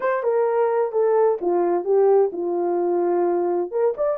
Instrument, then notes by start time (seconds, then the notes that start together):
horn
0.00 C5
0.23 A#4
0.92 A4
1.41 F4
1.84 G4
2.32 F4
3.71 A#4
3.97 D5